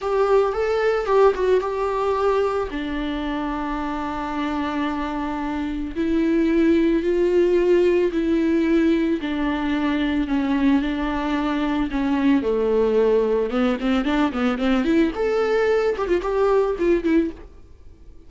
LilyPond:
\new Staff \with { instrumentName = "viola" } { \time 4/4 \tempo 4 = 111 g'4 a'4 g'8 fis'8 g'4~ | g'4 d'2.~ | d'2. e'4~ | e'4 f'2 e'4~ |
e'4 d'2 cis'4 | d'2 cis'4 a4~ | a4 b8 c'8 d'8 b8 c'8 e'8 | a'4. g'16 f'16 g'4 f'8 e'8 | }